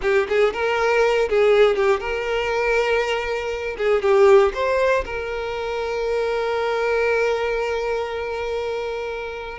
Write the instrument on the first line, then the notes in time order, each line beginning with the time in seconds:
violin
0.01 G4
0.28 G#4
0.53 A#4
1.29 G#4
1.76 G4
2.00 A#4
3.77 G#4
4.02 G4
4.54 C5
5.05 A#4